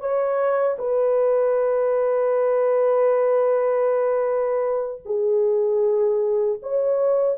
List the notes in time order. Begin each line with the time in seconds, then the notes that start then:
0.00 C#5
0.79 B4
5.06 G#4
6.63 C#5